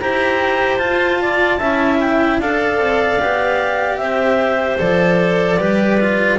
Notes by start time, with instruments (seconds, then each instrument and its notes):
0.00 double bass E4, cello G4, clarinet C5 A#5
0.77 cello F4, double bass F4, clarinet A5
1.21 clarinet D5
1.58 double bass C#4, cello E4, clarinet E5
2.00 clarinet G5
2.38 double bass D4, cello A4, clarinet D5 F5
2.78 double bass C4
3.19 double bass B3, cello G4
3.97 double bass C4, clarinet C5 E5
4.78 double bass F3, cello A4, clarinet D5
5.57 double bass G3, cello G4, clarinet B4
6.00 cello F4